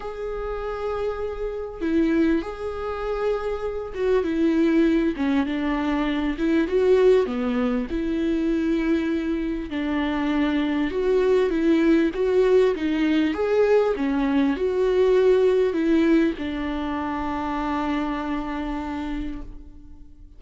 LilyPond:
\new Staff \with { instrumentName = "viola" } { \time 4/4 \tempo 4 = 99 gis'2. e'4 | gis'2~ gis'8 fis'8 e'4~ | e'8 cis'8 d'4. e'8 fis'4 | b4 e'2. |
d'2 fis'4 e'4 | fis'4 dis'4 gis'4 cis'4 | fis'2 e'4 d'4~ | d'1 | }